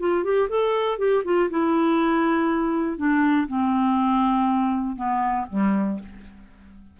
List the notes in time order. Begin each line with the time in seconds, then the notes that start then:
0.00 F4
0.24 G4
0.49 A4
0.99 G4
1.25 F4
1.50 E4
2.97 D4
3.48 C4
4.96 B3
5.50 G3